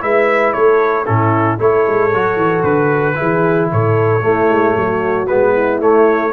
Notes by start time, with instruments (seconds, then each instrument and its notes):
0.00 tuba G#3, trombone E4, horn B4, trumpet E5
0.53 tuba A3, horn A4, trumpet C#5
1.06 tuba A2, trombone C#4, horn E4, trumpet A4
1.58 tuba A3, trombone E4, horn A4, trumpet C#5
1.87 tuba G#3
2.13 tuba F#3, trombone F#4
2.36 tuba E3
2.63 tuba D3, trumpet B4
3.15 trombone E4, horn G#4
3.21 tuba E3
3.72 tuba A2, horn A4, trumpet C#5
4.21 trombone A3, tuba A3, horn E4
4.50 tuba G#3
4.77 tuba F#3, horn F#4
5.27 tuba G#3, trombone B3, trumpet B4
5.53 horn E4
5.80 tuba A3, trombone A3, trumpet C#5